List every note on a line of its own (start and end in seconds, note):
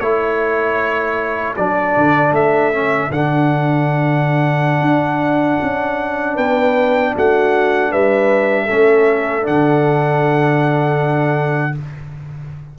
0.00 1.55 A3
0.00 1.56 E4
0.00 6.35 A4
0.00 1.54 C#5
1.57 1.97 F#3
1.57 2.73 D4
1.57 2.34 D5
1.97 2.32 D3
2.32 3.09 A3
2.32 3.12 E5
2.73 3.12 C#4
3.11 4.82 D3
3.11 8.69 D4
3.11 6.38 F#5
4.82 5.59 D4
5.63 6.38 C#4
6.35 7.15 B3
6.35 7.12 B4
6.35 7.15 G5
7.16 7.93 A3
7.16 7.92 F#4
7.16 7.92 F#5
7.92 8.70 G3
7.92 8.66 B4
7.92 9.46 E5
8.66 9.48 A3
8.66 9.42 C#4
8.66 11.74 A4
9.42 11.72 D4
9.42 11.78 F#5
9.48 11.79 D3